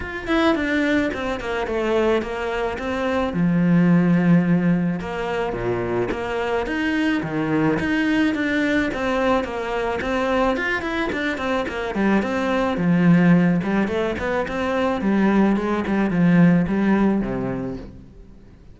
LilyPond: \new Staff \with { instrumentName = "cello" } { \time 4/4 \tempo 4 = 108 f'8 e'8 d'4 c'8 ais8 a4 | ais4 c'4 f2~ | f4 ais4 ais,4 ais4 | dis'4 dis4 dis'4 d'4 |
c'4 ais4 c'4 f'8 e'8 | d'8 c'8 ais8 g8 c'4 f4~ | f8 g8 a8 b8 c'4 g4 | gis8 g8 f4 g4 c4 | }